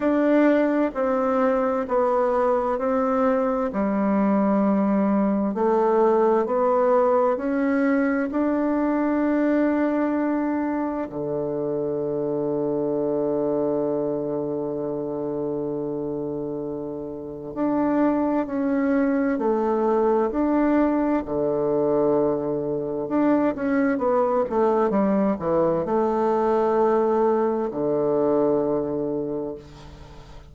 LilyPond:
\new Staff \with { instrumentName = "bassoon" } { \time 4/4 \tempo 4 = 65 d'4 c'4 b4 c'4 | g2 a4 b4 | cis'4 d'2. | d1~ |
d2. d'4 | cis'4 a4 d'4 d4~ | d4 d'8 cis'8 b8 a8 g8 e8 | a2 d2 | }